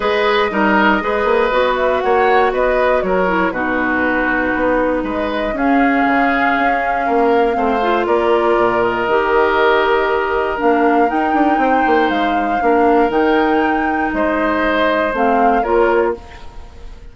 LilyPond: <<
  \new Staff \with { instrumentName = "flute" } { \time 4/4 \tempo 4 = 119 dis''2.~ dis''8 e''8 | fis''4 dis''4 cis''4 b'4~ | b'2 dis''4 f''4~ | f''1 |
d''4. dis''2~ dis''8~ | dis''4 f''4 g''2 | f''2 g''2 | dis''2 f''4 cis''4 | }
  \new Staff \with { instrumentName = "oboe" } { \time 4/4 b'4 ais'4 b'2 | cis''4 b'4 ais'4 fis'4~ | fis'2 b'4 gis'4~ | gis'2 ais'4 c''4 |
ais'1~ | ais'2. c''4~ | c''4 ais'2. | c''2. ais'4 | }
  \new Staff \with { instrumentName = "clarinet" } { \time 4/4 gis'4 dis'4 gis'4 fis'4~ | fis'2~ fis'8 e'8 dis'4~ | dis'2. cis'4~ | cis'2. c'8 f'8~ |
f'2 g'2~ | g'4 d'4 dis'2~ | dis'4 d'4 dis'2~ | dis'2 c'4 f'4 | }
  \new Staff \with { instrumentName = "bassoon" } { \time 4/4 gis4 g4 gis8 ais8 b4 | ais4 b4 fis4 b,4~ | b,4 b4 gis4 cis'4 | cis4 cis'4 ais4 a4 |
ais4 ais,4 dis2~ | dis4 ais4 dis'8 d'8 c'8 ais8 | gis4 ais4 dis2 | gis2 a4 ais4 | }
>>